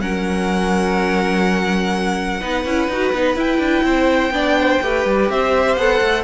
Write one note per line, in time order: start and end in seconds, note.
0.00 2.41 F#3
0.00 2.40 C#4
0.00 2.40 A#4
0.00 3.36 F#5
2.40 2.65 B3
2.40 2.64 D#4
2.40 3.84 B4
2.65 2.88 C#4
2.65 2.90 E4
2.88 3.12 D#4
2.88 3.14 F#4
3.12 3.35 B3
3.12 3.35 D#4
3.35 3.58 E4
3.35 4.32 E4
3.35 5.30 G5
3.58 3.82 D4
3.82 4.30 C4
3.82 4.33 C5
4.30 4.78 B3
4.30 4.80 D4
4.30 4.58 D5
4.60 4.84 C5
4.81 5.05 A3
4.81 5.79 G4
4.81 5.31 B4
5.05 5.29 G3
5.29 5.76 C4
5.29 6.24 C5
5.29 5.76 E5
5.76 6.00 B3
5.76 6.24 A4
5.76 6.24 F#5
6.01 6.24 A3